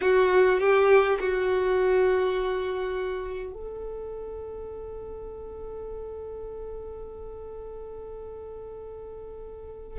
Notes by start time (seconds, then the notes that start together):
0.01 F#4
0.60 G4
1.19 F#4
3.53 A4